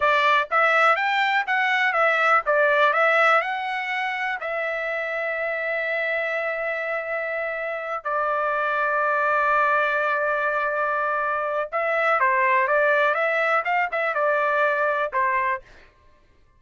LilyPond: \new Staff \with { instrumentName = "trumpet" } { \time 4/4 \tempo 4 = 123 d''4 e''4 g''4 fis''4 | e''4 d''4 e''4 fis''4~ | fis''4 e''2.~ | e''1~ |
e''8 d''2.~ d''8~ | d''1 | e''4 c''4 d''4 e''4 | f''8 e''8 d''2 c''4 | }